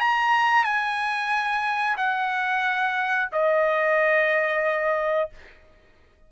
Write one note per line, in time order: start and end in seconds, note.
0.00 0.64 A#5
0.64 1.96 G#5
1.97 3.28 F#5
3.32 5.30 D#5